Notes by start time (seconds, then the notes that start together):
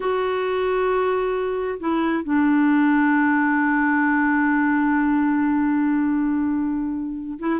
0.00 F#4
1.79 E4
2.23 D4
7.39 E4